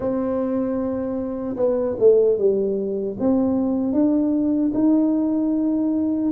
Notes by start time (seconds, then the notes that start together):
0.00 C4
1.56 B3
1.99 A3
2.38 G3
3.19 C4
3.92 D4
4.74 D#4